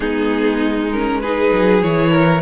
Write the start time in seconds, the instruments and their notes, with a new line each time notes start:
0.00 cello G#3, viola B3, violin D#4 G#4
0.91 viola C#4, violin A#4
1.20 viola D#4, violin G#4 B4
1.52 cello F#3
1.81 cello E3, viola E4, violin C#5
2.11 violin A#4